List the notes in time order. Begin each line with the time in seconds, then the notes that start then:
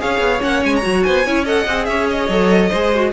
0.00 C#4 G#4 C#5 F5
0.20 B3
0.40 A#3 C#4 F#5
0.64 G#3 G#5
0.76 A#5
0.83 F#3 F#4
1.03 B3 C5 G#5
1.26 C#4 E4 C#5
1.45 A4 D#5 F#5
1.67 C4 G#4
1.85 C#4 C#5 E5
2.11 D#5
2.29 F#3 A4
2.69 G#3 G#4 C5
2.95 F#4